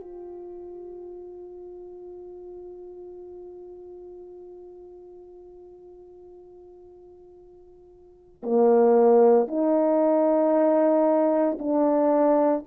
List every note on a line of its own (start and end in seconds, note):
0.00 8.42 F4
8.43 9.47 A#3
9.47 11.58 D#4
11.58 12.64 D4